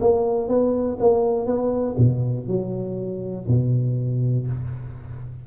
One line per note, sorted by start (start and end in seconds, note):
0.00 0.48 A#3
0.48 0.97 B3
0.99 1.46 A#3
1.46 1.95 B3
1.97 2.47 B2
2.47 3.46 F#3
3.48 4.47 B2